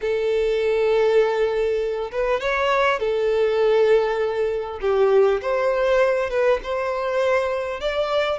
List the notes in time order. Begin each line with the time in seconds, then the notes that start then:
0.01 A4
2.11 B4
2.40 C#5
2.99 A4
4.81 G4
5.41 C5
6.30 B4
6.63 C5
7.80 D5